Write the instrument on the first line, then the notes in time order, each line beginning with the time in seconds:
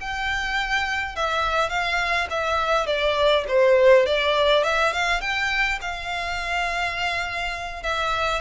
violin
0.00 G5
1.15 E5
1.69 F5
2.30 E5
2.86 D5
3.48 C5
4.06 D5
4.63 E5
4.92 F5
5.21 G5
5.81 F5
7.83 E5